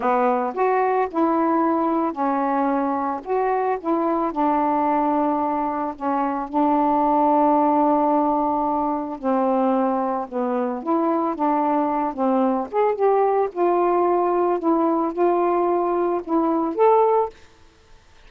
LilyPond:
\new Staff \with { instrumentName = "saxophone" } { \time 4/4 \tempo 4 = 111 b4 fis'4 e'2 | cis'2 fis'4 e'4 | d'2. cis'4 | d'1~ |
d'4 c'2 b4 | e'4 d'4. c'4 gis'8 | g'4 f'2 e'4 | f'2 e'4 a'4 | }